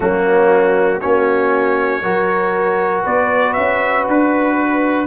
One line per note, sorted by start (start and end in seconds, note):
0.00 1.01 F#3
0.00 1.00 A#3
0.00 1.00 C#4
0.00 1.00 F#4
1.00 2.02 A#3
1.00 2.03 C#4
1.00 2.02 F#4
1.00 3.04 C#5
2.02 3.03 F#3
2.02 5.06 F#4
2.02 3.03 A#4
3.03 3.57 B3
3.03 5.06 B4
3.03 3.53 D5
3.53 4.07 C#4
3.53 4.04 E5
4.07 5.06 D4
4.07 5.06 B4